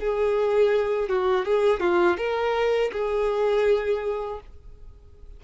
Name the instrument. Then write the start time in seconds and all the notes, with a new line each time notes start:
violin
0.00 G#4
1.09 F#4
1.45 G#4
1.80 F4
2.17 A#4
2.92 G#4